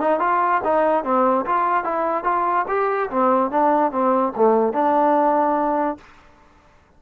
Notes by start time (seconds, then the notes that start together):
0.00 D#4
0.20 F4
0.64 D#4
1.04 C4
1.46 F4
1.84 E4
2.24 F4
2.68 G4
3.10 C4
3.51 D4
3.92 C4
4.36 A3
4.73 D4